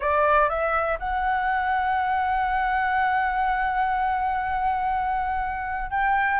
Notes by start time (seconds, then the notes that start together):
0.00 D5
0.49 E5
0.99 F#5
5.90 G5